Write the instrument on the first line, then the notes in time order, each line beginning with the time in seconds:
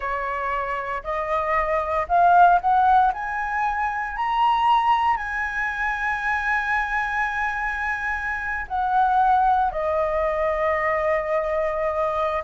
flute
0.00 C#5
1.03 D#5
2.08 F5
2.60 F#5
3.13 G#5
4.16 A#5
5.17 G#5
8.68 F#5
9.71 D#5